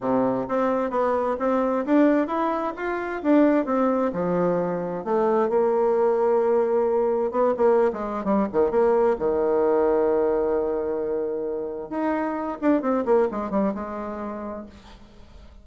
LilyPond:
\new Staff \with { instrumentName = "bassoon" } { \time 4/4 \tempo 4 = 131 c4 c'4 b4 c'4 | d'4 e'4 f'4 d'4 | c'4 f2 a4 | ais1 |
b8 ais8. gis8. g8 dis8 ais4 | dis1~ | dis2 dis'4. d'8 | c'8 ais8 gis8 g8 gis2 | }